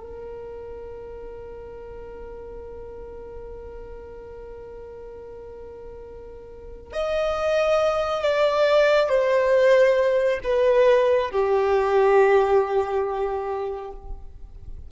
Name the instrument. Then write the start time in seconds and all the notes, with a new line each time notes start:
violin
0.00 A#4
6.93 D#5
8.23 D5
9.09 C5
10.43 B4
11.30 G4